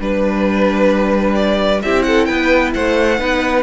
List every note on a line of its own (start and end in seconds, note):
0.00 1.83 G3
0.00 1.84 D4
0.00 1.35 B4
0.00 1.83 B4
1.35 1.81 D5
1.83 2.29 C4
1.83 3.18 E4
1.83 2.06 G4
1.83 2.03 E5
2.03 2.28 A4
2.03 2.26 F#5
2.26 2.75 B3
2.26 2.74 B4
2.26 2.71 G5
2.74 3.19 A3
2.74 3.20 C5
2.74 3.64 F#5
3.18 3.64 B3
3.18 3.64 D#4
3.18 3.64 B4